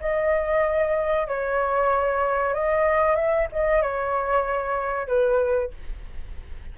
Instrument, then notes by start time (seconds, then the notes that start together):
flute
0.00 D#5
1.28 C#5
2.54 D#5
3.15 E5
3.52 D#5
3.82 C#5
5.07 B4